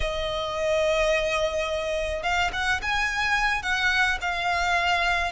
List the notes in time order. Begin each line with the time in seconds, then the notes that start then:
0.00 D#5
2.22 F5
2.52 F#5
2.81 G#5
3.62 F#5
4.21 F5